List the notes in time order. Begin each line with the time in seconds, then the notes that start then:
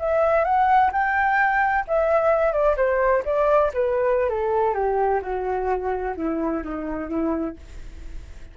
0.00 E5
0.45 F#5
0.93 G5
1.88 E5
2.53 D5
2.77 C5
3.26 D5
3.74 B4
4.30 A4
4.75 G4
5.22 F#4
6.17 E4
6.63 D#4
7.10 E4